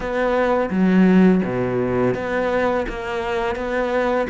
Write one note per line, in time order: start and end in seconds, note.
0.00 0.69 B3
0.70 1.41 F#3
1.44 2.14 B2
2.14 2.85 B3
2.88 3.55 A#3
3.55 4.27 B3